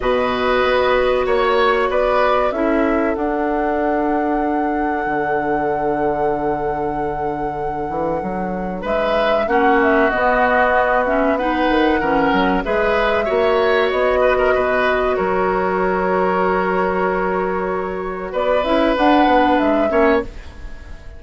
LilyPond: <<
  \new Staff \with { instrumentName = "flute" } { \time 4/4 \tempo 4 = 95 dis''2 cis''4 d''4 | e''4 fis''2.~ | fis''1~ | fis''2 e''4 fis''8 e''8 |
dis''4. e''8 fis''2 | e''2 dis''2 | cis''1~ | cis''4 d''8 e''8 fis''4 e''4 | }
  \new Staff \with { instrumentName = "oboe" } { \time 4/4 b'2 cis''4 b'4 | a'1~ | a'1~ | a'2 b'4 fis'4~ |
fis'2 b'4 ais'4 | b'4 cis''4. b'16 ais'16 b'4 | ais'1~ | ais'4 b'2~ b'8 cis''8 | }
  \new Staff \with { instrumentName = "clarinet" } { \time 4/4 fis'1 | e'4 d'2.~ | d'1~ | d'2. cis'4 |
b4. cis'8 dis'4 cis'4 | gis'4 fis'2.~ | fis'1~ | fis'4. e'8 d'4. cis'8 | }
  \new Staff \with { instrumentName = "bassoon" } { \time 4/4 b,4 b4 ais4 b4 | cis'4 d'2. | d1~ | d8 e8 fis4 gis4 ais4 |
b2~ b8 dis8 e8 fis8 | gis4 ais4 b4 b,4 | fis1~ | fis4 b8 cis'8 d'8 b8 gis8 ais8 | }
>>